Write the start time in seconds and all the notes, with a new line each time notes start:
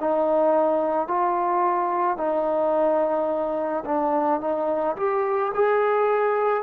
0.00 D#4
1.08 F4
2.17 D#4
3.85 D4
4.40 D#4
4.96 G4
5.55 G#4